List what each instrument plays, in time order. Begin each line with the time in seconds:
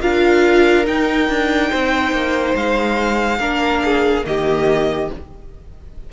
0.00 cello D4, viola F4, violin A#4 F5
0.84 viola D#4, cello D#4, violin G5
1.29 cello D4
1.70 cello C4, violin C5
2.12 cello A#3
2.55 cello G#3, violin F5
3.39 cello A#3, viola D4, violin A#4
3.84 violin G#4
4.23 cello D#3, viola A#3, violin G4 D#5